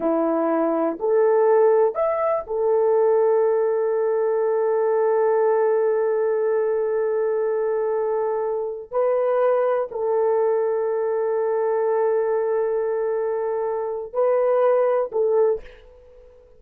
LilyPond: \new Staff \with { instrumentName = "horn" } { \time 4/4 \tempo 4 = 123 e'2 a'2 | e''4 a'2.~ | a'1~ | a'1~ |
a'2~ a'16 b'4.~ b'16~ | b'16 a'2.~ a'8.~ | a'1~ | a'4 b'2 a'4 | }